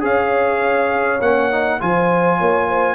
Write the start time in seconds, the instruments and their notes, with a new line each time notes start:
0.00 tuba C#4, trombone G#4, horn C#5, trumpet F5
1.21 tuba A#3, trombone C#4, trumpet F#5
1.51 trombone D#4
1.79 tuba F3, trombone F4, horn C5, trumpet G#5
2.37 tuba A#3, horn C#5
2.68 horn C5